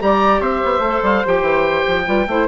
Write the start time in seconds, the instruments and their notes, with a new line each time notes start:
0.00 bassoon G3, clarinet G4, flute D5, oboe A#5
0.41 bassoon C4, flute C5, oboe E5
0.65 bassoon B3
0.79 bassoon A3
0.87 clarinet A4
1.03 bassoon G3, oboe F5
1.26 bassoon F3, clarinet G4, oboe G5
1.42 bassoon E3
1.88 bassoon F3
2.05 bassoon G3, clarinet F4, flute B4
2.28 bassoon A3, clarinet E4, flute C5